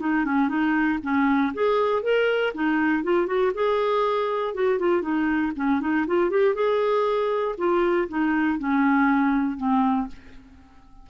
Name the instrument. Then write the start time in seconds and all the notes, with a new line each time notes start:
clarinet
0.00 D#4
0.25 C#4
0.49 D#4
1.03 C#4
1.54 G#4
2.03 A#4
2.54 D#4
3.04 F4
3.27 F#4
3.55 G#4
4.54 F#4
4.79 F4
5.02 D#4
5.56 C#4
5.81 D#4
6.07 F4
6.30 G4
6.55 G#4
7.58 F4
8.09 D#4
8.59 C#4
9.57 C4